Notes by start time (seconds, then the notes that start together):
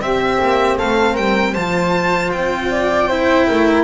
0.00 C4 G4 E5
0.42 A#3
0.78 A3 A4 F5
1.13 G3 A#4 G5
1.53 F3 F4 C5 A5
2.32 C4 G5
2.71 D5
3.08 E4 C5
3.48 A3 A#4